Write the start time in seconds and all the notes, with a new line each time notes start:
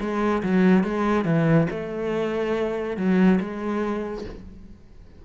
0.00 G#3
0.43 F#3
0.84 G#3
1.25 E3
1.71 A3
2.97 F#3
3.40 G#3